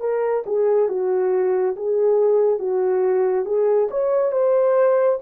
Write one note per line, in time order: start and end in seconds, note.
0.00 0.43 A#4
0.46 0.89 G#4
0.89 1.75 F#4
1.76 2.59 G#4
2.59 3.45 F#4
3.45 3.89 G#4
3.91 4.32 C#5
4.32 5.19 C5